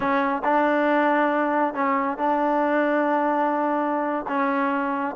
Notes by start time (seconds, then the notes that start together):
0.00 C#4
0.44 D4
1.73 C#4
2.17 D4
4.28 C#4